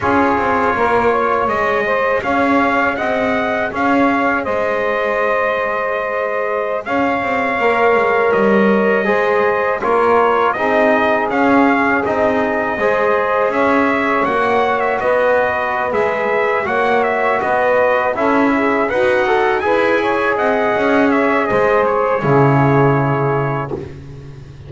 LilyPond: <<
  \new Staff \with { instrumentName = "trumpet" } { \time 4/4 \tempo 4 = 81 cis''2 dis''4 f''4 | fis''4 f''4 dis''2~ | dis''4~ dis''16 f''2 dis''8.~ | dis''4~ dis''16 cis''4 dis''4 f''8.~ |
f''16 dis''2 e''4 fis''8. | e''16 dis''4~ dis''16 e''4 fis''8 e''8 dis''8~ | dis''8 e''4 fis''4 gis''4 fis''8~ | fis''8 e''8 dis''8 cis''2~ cis''8 | }
  \new Staff \with { instrumentName = "saxophone" } { \time 4/4 gis'4 ais'8 cis''4 c''8 cis''4 | dis''4 cis''4 c''2~ | c''4~ c''16 cis''2~ cis''8.~ | cis''16 c''4 ais'4 gis'4.~ gis'16~ |
gis'4~ gis'16 c''4 cis''4.~ cis''16~ | cis''16 b'2~ b'16 cis''4 b'8~ | b'8 a'8 gis'8 fis'4 b'8 cis''8 dis''8~ | dis''8 cis''8 c''4 gis'2 | }
  \new Staff \with { instrumentName = "trombone" } { \time 4/4 f'2 gis'2~ | gis'1~ | gis'2~ gis'16 ais'4.~ ais'16~ | ais'16 gis'4 f'4 dis'4 cis'8.~ |
cis'16 dis'4 gis'2 fis'8.~ | fis'4. gis'4 fis'4.~ | fis'8 e'4 b'8 a'8 gis'4.~ | gis'2 e'2 | }
  \new Staff \with { instrumentName = "double bass" } { \time 4/4 cis'8 c'8 ais4 gis4 cis'4 | c'4 cis'4 gis2~ | gis4~ gis16 cis'8 c'8 ais8 gis8 g8.~ | g16 gis4 ais4 c'4 cis'8.~ |
cis'16 c'4 gis4 cis'4 ais8.~ | ais16 b4~ b16 gis4 ais4 b8~ | b8 cis'4 dis'4 e'4 c'8 | cis'4 gis4 cis2 | }
>>